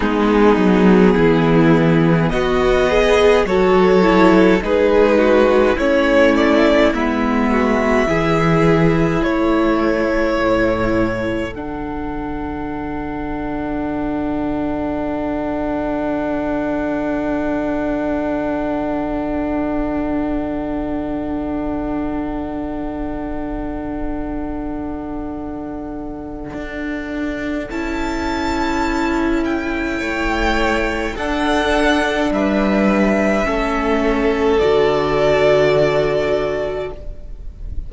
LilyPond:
<<
  \new Staff \with { instrumentName = "violin" } { \time 4/4 \tempo 4 = 52 gis'2 dis''4 cis''4 | b'4 cis''8 d''8 e''2 | cis''2 fis''2~ | fis''1~ |
fis''1~ | fis''1 | a''4. g''4. fis''4 | e''2 d''2 | }
  \new Staff \with { instrumentName = "violin" } { \time 4/4 dis'4 e'4 fis'8 gis'8 a'4 | gis'8 fis'8 e'4. fis'8 gis'4 | a'1~ | a'1~ |
a'1~ | a'1~ | a'2 cis''4 a'4 | b'4 a'2. | }
  \new Staff \with { instrumentName = "viola" } { \time 4/4 b2. fis'8 e'8 | dis'4 cis'4 b4 e'4~ | e'2 d'2~ | d'1~ |
d'1~ | d'1 | e'2. d'4~ | d'4 cis'4 fis'2 | }
  \new Staff \with { instrumentName = "cello" } { \time 4/4 gis8 fis8 e4 b4 fis4 | gis4 a4 gis4 e4 | a4 a,4 d2~ | d1~ |
d1~ | d2. d'4 | cis'2 a4 d'4 | g4 a4 d2 | }
>>